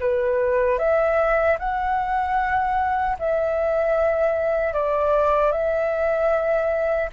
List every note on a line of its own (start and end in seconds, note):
0.00 0.79 B4
0.79 1.58 E5
1.59 3.17 F#5
3.19 4.74 E5
4.74 5.52 D5
5.52 7.10 E5